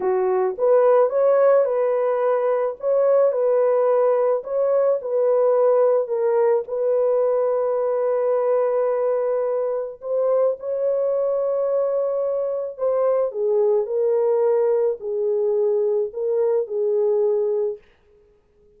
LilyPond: \new Staff \with { instrumentName = "horn" } { \time 4/4 \tempo 4 = 108 fis'4 b'4 cis''4 b'4~ | b'4 cis''4 b'2 | cis''4 b'2 ais'4 | b'1~ |
b'2 c''4 cis''4~ | cis''2. c''4 | gis'4 ais'2 gis'4~ | gis'4 ais'4 gis'2 | }